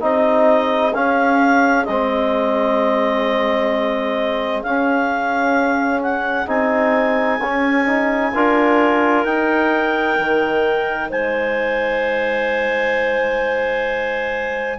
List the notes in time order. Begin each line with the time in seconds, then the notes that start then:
0.00 C4 D#4 G#4 D#5
0.93 C#4 F5
1.85 G#3 C4 D#5
4.62 C#4 F5
6.02 F#5
6.47 C4 D#4 G#5
7.40 C#4
7.86 D#4
8.33 D4 F4 A#4
9.24 D#4 G5
10.18 D#3
11.10 G#3 C5 G#5